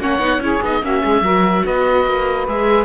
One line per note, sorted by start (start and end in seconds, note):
0.00 0.19 A#3
0.00 0.19 C#4
0.00 0.42 C#5
0.00 0.43 F#5
0.19 0.39 B3
0.19 0.40 D#4
0.39 0.59 C#4
0.39 0.62 E4
0.39 0.83 G#4
0.39 0.64 C#5
0.62 0.82 B3
0.62 0.83 D#4
0.62 0.85 D#5
0.82 1.03 A#3
0.82 1.24 C#4
0.82 1.02 F#4
0.82 1.66 E5
1.02 1.22 G#3
1.02 1.22 G#4
1.22 1.63 F#3
1.22 2.48 F#4
1.22 1.64 A#4
1.65 2.06 B3
1.65 2.85 B4
1.65 2.48 D#5
2.06 2.48 A#3
2.48 2.85 G#3
2.48 2.85 G#4
2.48 2.85 E5